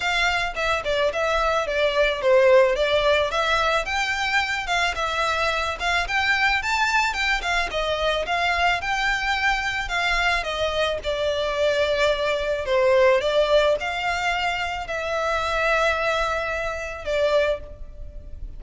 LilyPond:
\new Staff \with { instrumentName = "violin" } { \time 4/4 \tempo 4 = 109 f''4 e''8 d''8 e''4 d''4 | c''4 d''4 e''4 g''4~ | g''8 f''8 e''4. f''8 g''4 | a''4 g''8 f''8 dis''4 f''4 |
g''2 f''4 dis''4 | d''2. c''4 | d''4 f''2 e''4~ | e''2. d''4 | }